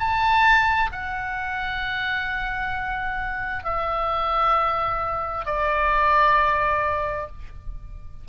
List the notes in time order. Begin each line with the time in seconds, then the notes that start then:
0.00 A5
0.93 F#5
3.64 E5
5.46 D5